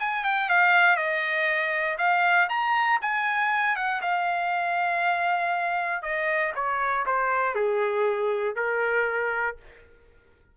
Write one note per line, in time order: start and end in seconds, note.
0.00 0.24 G#5
0.24 0.49 G5
0.49 0.97 F5
0.97 1.98 D#5
1.98 2.49 F5
2.49 3.00 A#5
3.02 3.76 G#5
3.76 4.02 F#5
4.02 6.03 F5
6.03 6.53 D#5
6.55 7.06 C#5
7.07 7.55 C5
7.55 8.56 G#4
8.56 9.57 A#4